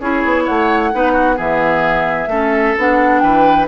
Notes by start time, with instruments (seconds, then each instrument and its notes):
0.00 bassoon C#4, clarinet E4, oboe G#4, flute C#5
0.25 bassoon B3
0.44 bassoon A3, oboe C#5, flute F#5
0.93 bassoon B3, clarinet D#4, oboe B4
1.13 oboe F#4
1.36 bassoon E3, clarinet B3, oboe G#4, flute E5
2.28 bassoon A3, clarinet C#4, oboe A4
2.78 bassoon B3, clarinet D4, flute F#5
3.20 bassoon E3, oboe B4, flute G5